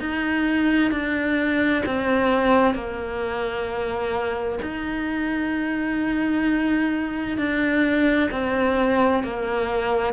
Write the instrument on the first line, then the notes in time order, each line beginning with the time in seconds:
cello
0.00 D#4
0.91 D4
1.86 C4
2.74 A#3
4.62 D#4
7.38 D4
8.31 C4
9.23 A#3